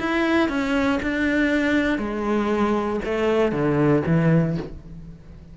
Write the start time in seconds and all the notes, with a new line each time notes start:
0.00 E4
0.49 C#4
1.03 D4
1.99 G#3
3.05 A3
3.52 D3
4.07 E3